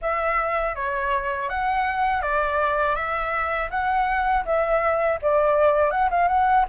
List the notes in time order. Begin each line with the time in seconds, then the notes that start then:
0.01 E5
0.75 C#5
1.49 F#5
2.22 D5
2.95 E5
3.70 F#5
4.45 E5
5.22 D5
5.91 F#5
6.10 F5
6.28 F#5